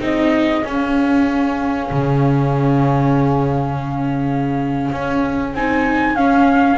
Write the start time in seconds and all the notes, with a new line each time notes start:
0.00 C4 D#4 G#4 D#5
0.64 C#4 F5
1.91 C#3
4.92 C#4
5.54 C4 D#4 G#5
6.15 C#4 F5